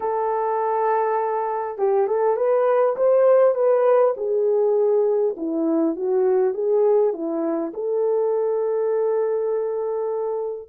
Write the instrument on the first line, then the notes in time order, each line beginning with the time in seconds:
horn
0.00 A4
1.78 G4
2.07 A4
2.36 B4
2.96 C5
3.55 B4
4.17 G#4
5.37 E4
5.96 F#4
6.54 G#4
7.13 E4
7.73 A4